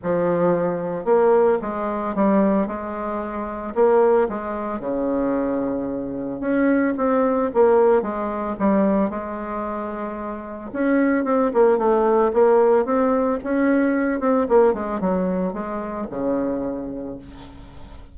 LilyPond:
\new Staff \with { instrumentName = "bassoon" } { \time 4/4 \tempo 4 = 112 f2 ais4 gis4 | g4 gis2 ais4 | gis4 cis2. | cis'4 c'4 ais4 gis4 |
g4 gis2. | cis'4 c'8 ais8 a4 ais4 | c'4 cis'4. c'8 ais8 gis8 | fis4 gis4 cis2 | }